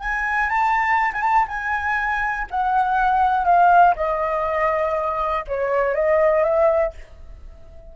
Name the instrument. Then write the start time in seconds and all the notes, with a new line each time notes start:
flute
0.00 G#5
0.49 A5
1.12 G#5
1.21 A5
1.48 G#5
2.50 F#5
3.44 F5
3.95 D#5
5.47 C#5
5.94 D#5
6.43 E5